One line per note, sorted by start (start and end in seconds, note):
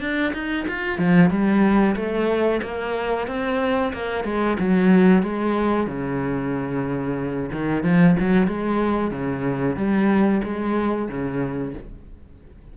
0.00 0.33 D4
0.33 0.66 D#4
0.68 0.98 F4
0.98 1.30 F3
1.30 1.95 G3
1.96 2.61 A3
2.62 3.27 A#3
3.27 3.92 C4
3.93 4.24 A#3
4.24 4.57 G#3
4.59 5.22 F#3
5.22 5.87 G#3
5.87 7.50 C#3
7.52 7.83 D#3
7.83 8.16 F3
8.19 8.48 F#3
8.48 9.11 G#3
9.11 9.76 C#3
9.76 10.41 G3
10.43 11.08 G#3
11.08 11.74 C#3